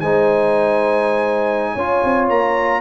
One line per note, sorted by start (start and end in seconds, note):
0.00 1.75 G#3
0.00 1.78 D#4
0.00 1.73 C5
0.00 2.28 G#5
1.73 2.03 C#4
1.73 2.81 F4
1.73 2.80 C#5
2.04 2.29 C4
2.29 2.81 A#3
2.29 2.81 A#5